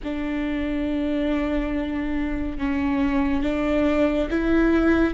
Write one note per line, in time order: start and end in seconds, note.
0.03 2.58 D4
2.58 3.42 C#4
3.42 4.28 D4
4.30 5.14 E4